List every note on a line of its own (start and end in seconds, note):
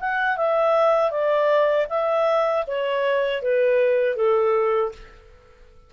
0.00 0.37 F#5
0.37 1.11 E5
1.11 1.87 D5
1.90 2.65 E5
2.67 3.42 C#5
3.42 4.16 B4
4.16 4.92 A4